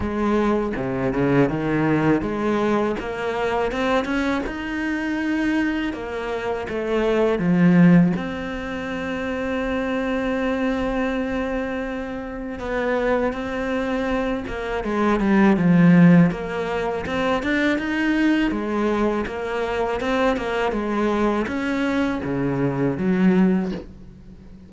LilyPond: \new Staff \with { instrumentName = "cello" } { \time 4/4 \tempo 4 = 81 gis4 c8 cis8 dis4 gis4 | ais4 c'8 cis'8 dis'2 | ais4 a4 f4 c'4~ | c'1~ |
c'4 b4 c'4. ais8 | gis8 g8 f4 ais4 c'8 d'8 | dis'4 gis4 ais4 c'8 ais8 | gis4 cis'4 cis4 fis4 | }